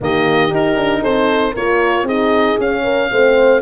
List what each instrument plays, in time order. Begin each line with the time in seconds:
0.00 tuba D#3, horn A#3 G4, oboe D#5
0.49 horn D#4, tuba D#4, oboe A#4
0.76 tuba D4
1.02 tuba C4, horn A4, oboe C5
1.52 tuba A#3, horn F4 A#4, oboe C#5
2.02 tuba C4, horn D#4 G#4, oboe D#5
2.58 tuba C#4, horn C#4, oboe F5
2.83 horn A#4
3.10 tuba A3, horn C4 C5